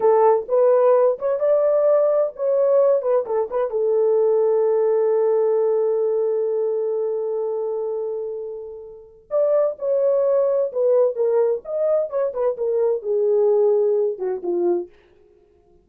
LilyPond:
\new Staff \with { instrumentName = "horn" } { \time 4/4 \tempo 4 = 129 a'4 b'4. cis''8 d''4~ | d''4 cis''4. b'8 a'8 b'8 | a'1~ | a'1~ |
a'1 | d''4 cis''2 b'4 | ais'4 dis''4 cis''8 b'8 ais'4 | gis'2~ gis'8 fis'8 f'4 | }